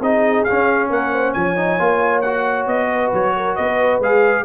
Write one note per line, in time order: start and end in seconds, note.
0.00 0.44 C4
0.00 0.47 D#4
0.00 0.89 G#4
0.00 0.44 D#5
0.44 1.56 C#4
0.44 0.88 F5
0.50 0.89 C#4
0.89 1.34 A#3
0.89 1.11 A#4
0.89 1.33 F#5
1.11 1.33 C5
1.33 1.79 F3
1.33 2.88 C#5
1.33 2.21 G#5
1.56 1.79 D#4
1.79 2.66 A#3
1.79 2.23 F4
2.21 4.02 F#4
2.21 2.66 F#5
2.66 3.11 B3
2.66 3.12 D#5
2.90 3.35 B4
3.13 3.57 F#3
3.13 3.56 C#5
3.36 3.55 A#4
3.55 3.99 B3
3.55 4.44 B4
3.55 4.00 D#5
3.99 4.44 G#3
3.99 4.45 G#4
3.99 4.45 F5